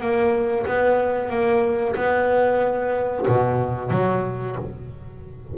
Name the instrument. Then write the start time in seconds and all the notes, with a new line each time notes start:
double bass
0.00 A#3
0.66 B3
1.29 A#3
1.95 B3
3.27 B2
3.90 F#3